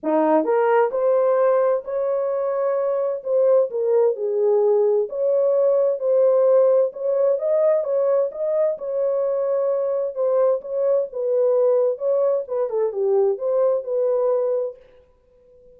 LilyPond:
\new Staff \with { instrumentName = "horn" } { \time 4/4 \tempo 4 = 130 dis'4 ais'4 c''2 | cis''2. c''4 | ais'4 gis'2 cis''4~ | cis''4 c''2 cis''4 |
dis''4 cis''4 dis''4 cis''4~ | cis''2 c''4 cis''4 | b'2 cis''4 b'8 a'8 | g'4 c''4 b'2 | }